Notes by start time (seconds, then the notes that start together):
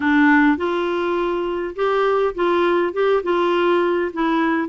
0.00 D4
0.57 F4
1.75 G4
2.34 F4
2.93 G4
3.23 F4
4.13 E4